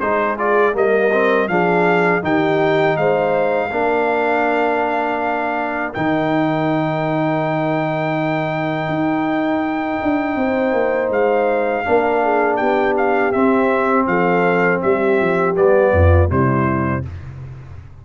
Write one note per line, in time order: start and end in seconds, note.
0.00 0.75 G#3
0.00 0.38 D#4
0.00 0.78 G#4
0.00 0.37 C5
0.38 0.73 F4
0.38 0.76 D5
0.73 1.49 G3
0.73 1.10 A#3
0.73 1.50 A#4
0.73 1.48 D#5
1.12 1.49 C4
1.48 2.23 F3
1.48 2.22 D4
1.48 2.24 G#4
1.48 2.22 F5
2.22 2.97 D#3
2.22 3.70 D#4
2.22 2.99 G4
2.22 2.97 G5
2.97 3.71 G#3
2.97 3.68 C5
2.97 5.93 F5
3.68 5.94 A#3
3.68 5.93 D4
3.68 10.35 A#4
5.94 8.88 D#3
5.94 11.85 D#4
5.94 11.12 G5
8.88 10.00 D#4
10.03 10.36 D4
10.36 10.73 C4
10.36 11.85 C5
10.73 11.10 A#3
11.10 11.84 G#3
11.10 12.57 F5
11.85 12.61 A#3
11.85 13.33 D4
11.85 12.23 A#4
12.23 12.58 G#4
12.57 13.35 B3
12.57 14.06 G4
12.57 12.94 G5
12.97 13.32 F5
13.32 15.55 C4
13.32 14.07 C4
13.32 14.06 E5
14.07 14.81 F3
14.07 14.83 A4
14.07 14.81 F5
14.82 15.21 G3
14.82 15.94 G4
14.82 15.56 E5
15.21 15.57 F3
15.55 15.92 G3
15.55 16.29 B3
15.55 16.31 D5
15.92 16.29 F2
15.92 16.31 F4
16.29 17.05 C3
16.29 17.03 G3
16.29 17.05 E4
16.29 17.05 C5